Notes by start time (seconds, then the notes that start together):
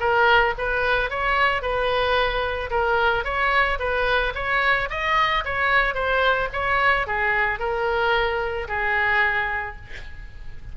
0.00 A#4
0.58 B4
1.10 C#5
1.62 B4
2.70 A#4
3.24 C#5
3.79 B4
4.35 C#5
4.90 D#5
5.45 C#5
5.94 C5
6.53 C#5
7.07 G#4
7.59 A#4
8.68 G#4